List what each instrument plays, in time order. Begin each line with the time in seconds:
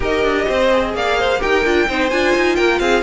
0.00 cello D#4, viola G4, violin A#4 D#5
0.23 cello D4
0.47 cello C4, violin C5
0.72 viola G#4
0.93 cello A#3, violin D5 F5
1.19 violin C5
1.39 cello D#4, viola G4, violin A#4 G5
1.64 cello D4, viola F4
1.88 cello C4, viola D#4, violin C5
2.09 cello D4, viola F4, violin G#5
2.35 cello D#4
2.55 cello A#3, violin A#4 G5
2.79 cello C4, violin G#4 F5